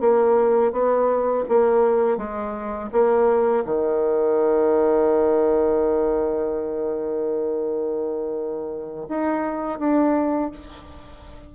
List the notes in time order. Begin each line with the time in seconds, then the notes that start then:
0.00 A#3
0.72 B3
1.49 A#3
2.17 G#3
2.92 A#3
3.65 D#3
9.09 D#4
9.79 D4